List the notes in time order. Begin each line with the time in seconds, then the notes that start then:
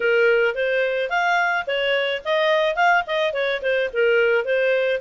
0.00 A#4
0.54 C5
1.09 F5
1.66 C#5
2.24 D#5
2.75 F5
3.06 D#5
3.33 C#5
3.62 C5
3.93 A#4
4.44 C5